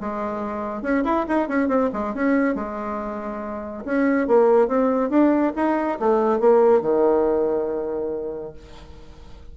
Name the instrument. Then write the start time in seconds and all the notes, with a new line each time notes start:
bassoon
0.00 G#3
0.82 C#4
1.04 E4
1.28 D#4
1.48 C#4
1.68 C4
1.93 G#3
2.14 C#4
2.55 G#3
3.85 C#4
4.27 A#3
4.68 C4
5.10 D4
5.56 D#4
5.99 A3
6.40 A#3
6.81 D#3